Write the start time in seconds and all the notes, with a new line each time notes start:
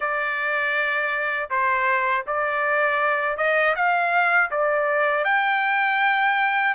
0.00 D5
1.50 C5
2.27 D5
3.37 D#5
3.75 F5
4.50 D5
5.24 G5